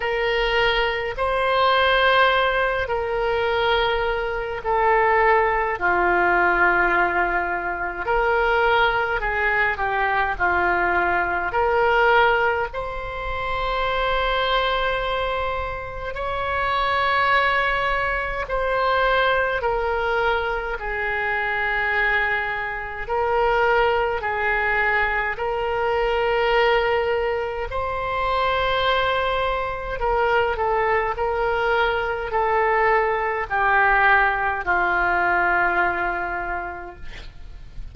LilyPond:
\new Staff \with { instrumentName = "oboe" } { \time 4/4 \tempo 4 = 52 ais'4 c''4. ais'4. | a'4 f'2 ais'4 | gis'8 g'8 f'4 ais'4 c''4~ | c''2 cis''2 |
c''4 ais'4 gis'2 | ais'4 gis'4 ais'2 | c''2 ais'8 a'8 ais'4 | a'4 g'4 f'2 | }